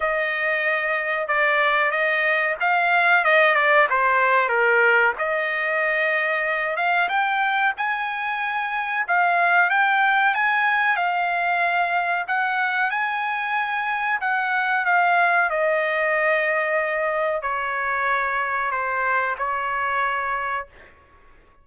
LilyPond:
\new Staff \with { instrumentName = "trumpet" } { \time 4/4 \tempo 4 = 93 dis''2 d''4 dis''4 | f''4 dis''8 d''8 c''4 ais'4 | dis''2~ dis''8 f''8 g''4 | gis''2 f''4 g''4 |
gis''4 f''2 fis''4 | gis''2 fis''4 f''4 | dis''2. cis''4~ | cis''4 c''4 cis''2 | }